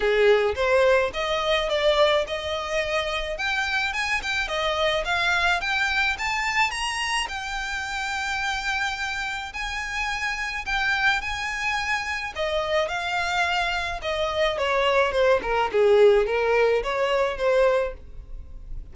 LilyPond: \new Staff \with { instrumentName = "violin" } { \time 4/4 \tempo 4 = 107 gis'4 c''4 dis''4 d''4 | dis''2 g''4 gis''8 g''8 | dis''4 f''4 g''4 a''4 | ais''4 g''2.~ |
g''4 gis''2 g''4 | gis''2 dis''4 f''4~ | f''4 dis''4 cis''4 c''8 ais'8 | gis'4 ais'4 cis''4 c''4 | }